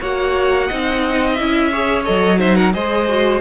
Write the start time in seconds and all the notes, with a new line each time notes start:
0.00 A#3 F#4 C#5 F#5
0.67 C4 D#4 D#5
1.34 C#4 E4 E5
1.72 G#4 C#5
2.04 F#3 A4 D#5
2.38 D#4 C5 E5
2.56 A#4 F#5
2.73 G#3 G#4 C5 D#5
3.09 F#4